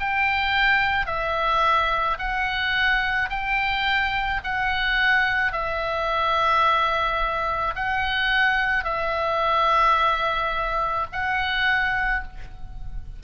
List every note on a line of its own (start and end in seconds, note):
0.00 1.07 G5
1.07 2.18 E5
2.19 3.30 F#5
3.30 4.41 G5
4.44 5.53 F#5
5.53 7.75 E5
7.76 8.85 F#5
8.85 11.07 E5
11.13 12.24 F#5